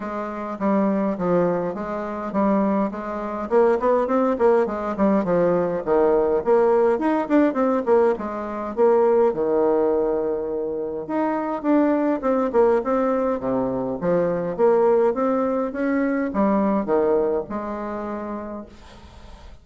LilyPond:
\new Staff \with { instrumentName = "bassoon" } { \time 4/4 \tempo 4 = 103 gis4 g4 f4 gis4 | g4 gis4 ais8 b8 c'8 ais8 | gis8 g8 f4 dis4 ais4 | dis'8 d'8 c'8 ais8 gis4 ais4 |
dis2. dis'4 | d'4 c'8 ais8 c'4 c4 | f4 ais4 c'4 cis'4 | g4 dis4 gis2 | }